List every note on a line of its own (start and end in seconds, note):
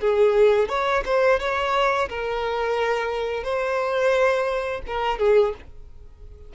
0.00 0.69 G#4
0.69 1.03 C#5
1.05 1.39 C5
1.39 2.08 C#5
2.09 3.43 A#4
3.43 4.81 C5
4.87 5.18 A#4
5.18 5.53 G#4